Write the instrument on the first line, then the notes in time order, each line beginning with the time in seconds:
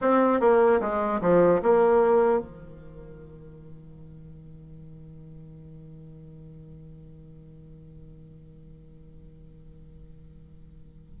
bassoon
0.01 C4
0.40 A#3
0.80 G#3
1.21 F3
1.62 A#3
2.39 D#3